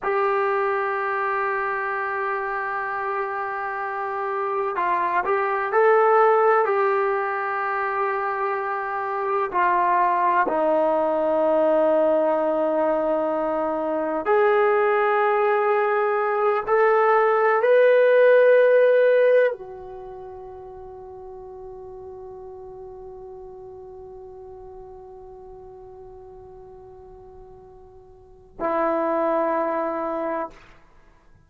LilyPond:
\new Staff \with { instrumentName = "trombone" } { \time 4/4 \tempo 4 = 63 g'1~ | g'4 f'8 g'8 a'4 g'4~ | g'2 f'4 dis'4~ | dis'2. gis'4~ |
gis'4. a'4 b'4.~ | b'8 fis'2.~ fis'8~ | fis'1~ | fis'2 e'2 | }